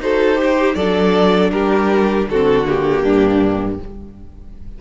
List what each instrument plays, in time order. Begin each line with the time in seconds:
0.00 cello D#4, viola F#4, violin A4 C5
0.36 viola G4
0.42 violin G4
0.75 cello F#3, viola D4, violin A4 D5
1.51 cello G3, violin G4 A#4
2.28 cello D3, viola C4, violin F#4 A4
2.65 viola A#3, violin G4
3.03 cello G2, violin D4